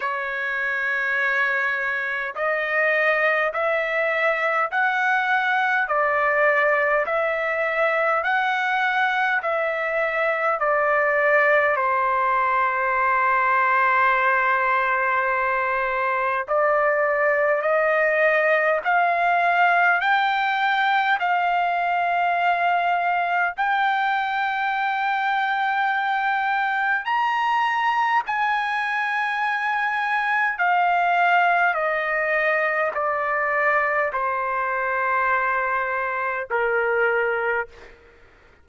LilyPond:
\new Staff \with { instrumentName = "trumpet" } { \time 4/4 \tempo 4 = 51 cis''2 dis''4 e''4 | fis''4 d''4 e''4 fis''4 | e''4 d''4 c''2~ | c''2 d''4 dis''4 |
f''4 g''4 f''2 | g''2. ais''4 | gis''2 f''4 dis''4 | d''4 c''2 ais'4 | }